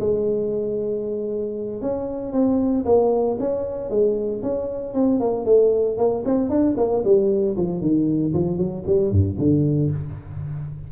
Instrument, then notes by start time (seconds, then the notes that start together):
tuba
0.00 G#3
1.82 C#4
2.33 C4
2.85 A#3
3.40 C#4
3.90 G#3
4.43 C#4
4.94 C4
5.20 A#3
5.45 A3
5.98 A#3
6.25 C4
6.50 D4
6.77 A#3
7.05 G3
7.57 F3
7.81 D#3
8.34 F3
8.58 F#3
8.86 G3
9.11 G2
9.38 D3